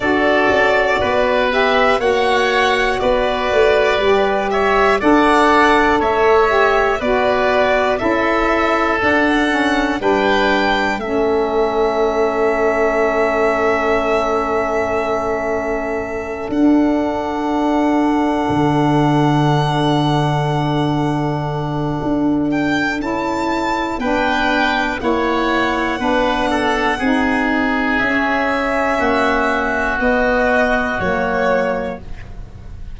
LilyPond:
<<
  \new Staff \with { instrumentName = "violin" } { \time 4/4 \tempo 4 = 60 d''4. e''8 fis''4 d''4~ | d''8 e''8 fis''4 e''4 d''4 | e''4 fis''4 g''4 e''4~ | e''1~ |
e''8 fis''2.~ fis''8~ | fis''2~ fis''8 g''8 a''4 | g''4 fis''2. | e''2 dis''4 cis''4 | }
  \new Staff \with { instrumentName = "oboe" } { \time 4/4 a'4 b'4 cis''4 b'4~ | b'8 cis''8 d''4 cis''4 b'4 | a'2 b'4 a'4~ | a'1~ |
a'1~ | a'1 | b'4 cis''4 b'8 a'8 gis'4~ | gis'4 fis'2. | }
  \new Staff \with { instrumentName = "saxophone" } { \time 4/4 fis'4. g'8 fis'2 | g'4 a'4. g'8 fis'4 | e'4 d'8 cis'8 d'4 cis'4~ | cis'1~ |
cis'8 d'2.~ d'8~ | d'2. e'4 | d'4 e'4 d'4 dis'4 | cis'2 b4 ais4 | }
  \new Staff \with { instrumentName = "tuba" } { \time 4/4 d'8 cis'8 b4 ais4 b8 a8 | g4 d'4 a4 b4 | cis'4 d'4 g4 a4~ | a1~ |
a8 d'2 d4.~ | d2 d'4 cis'4 | b4 ais4 b4 c'4 | cis'4 ais4 b4 fis4 | }
>>